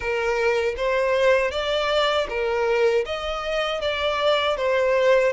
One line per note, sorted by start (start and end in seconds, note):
0.00 0.75 A#4
0.76 1.51 C5
1.51 2.27 D5
2.29 3.04 A#4
3.06 3.81 D#5
3.81 4.56 D5
4.56 5.32 C5